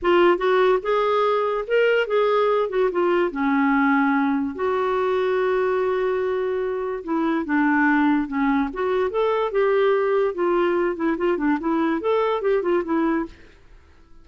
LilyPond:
\new Staff \with { instrumentName = "clarinet" } { \time 4/4 \tempo 4 = 145 f'4 fis'4 gis'2 | ais'4 gis'4. fis'8 f'4 | cis'2. fis'4~ | fis'1~ |
fis'4 e'4 d'2 | cis'4 fis'4 a'4 g'4~ | g'4 f'4. e'8 f'8 d'8 | e'4 a'4 g'8 f'8 e'4 | }